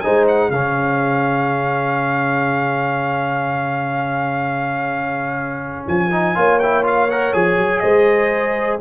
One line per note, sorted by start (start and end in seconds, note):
0.00 0.50 G#3
0.00 0.52 D#4
0.00 0.52 C5
0.00 0.24 G#5
0.28 0.50 F#5
0.50 5.86 C#3
0.50 6.11 C#4
0.50 6.36 G#4
0.50 5.87 F5
5.87 6.36 F3
5.87 6.59 G#5
6.11 6.35 D#4
6.35 7.34 A#3
6.35 6.59 F4
6.35 7.82 C#5
6.59 6.83 E4
6.59 6.83 G5
6.83 7.08 F4
6.83 7.10 F5
7.10 7.33 A#4
7.10 7.33 F#5
7.33 7.57 F3
7.33 8.80 G#4
7.33 7.79 G#5
7.57 7.81 F#3
7.79 8.80 G#3
7.79 8.80 C5
7.79 8.77 D#5